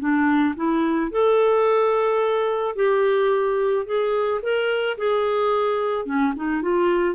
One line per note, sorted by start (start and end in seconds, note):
0.00 0.55 D4
0.56 1.11 E4
1.11 2.76 A4
2.76 3.86 G4
3.86 4.41 G#4
4.43 4.98 A#4
4.98 6.06 G#4
6.06 6.34 C#4
6.36 6.62 D#4
6.62 7.16 F4